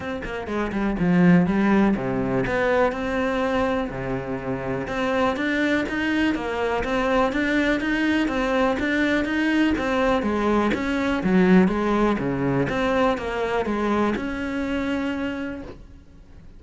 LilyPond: \new Staff \with { instrumentName = "cello" } { \time 4/4 \tempo 4 = 123 c'8 ais8 gis8 g8 f4 g4 | c4 b4 c'2 | c2 c'4 d'4 | dis'4 ais4 c'4 d'4 |
dis'4 c'4 d'4 dis'4 | c'4 gis4 cis'4 fis4 | gis4 cis4 c'4 ais4 | gis4 cis'2. | }